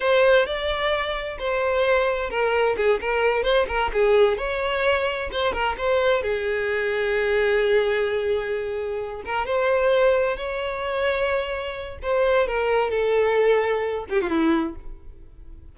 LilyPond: \new Staff \with { instrumentName = "violin" } { \time 4/4 \tempo 4 = 130 c''4 d''2 c''4~ | c''4 ais'4 gis'8 ais'4 c''8 | ais'8 gis'4 cis''2 c''8 | ais'8 c''4 gis'2~ gis'8~ |
gis'1 | ais'8 c''2 cis''4.~ | cis''2 c''4 ais'4 | a'2~ a'8 g'16 f'16 e'4 | }